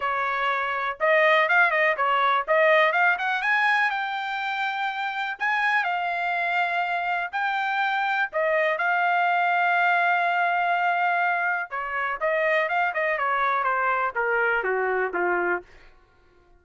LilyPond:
\new Staff \with { instrumentName = "trumpet" } { \time 4/4 \tempo 4 = 123 cis''2 dis''4 f''8 dis''8 | cis''4 dis''4 f''8 fis''8 gis''4 | g''2. gis''4 | f''2. g''4~ |
g''4 dis''4 f''2~ | f''1 | cis''4 dis''4 f''8 dis''8 cis''4 | c''4 ais'4 fis'4 f'4 | }